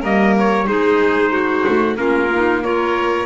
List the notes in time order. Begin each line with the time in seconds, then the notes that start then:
0.00 G3 A#3 A#4 D#5
0.38 C#5
0.66 G#3 D#4 G#4 C5
1.32 F#4
1.67 A3
1.96 A#3 C#4 F4 A#4
2.33 D#4
2.63 F4 A#4 C#5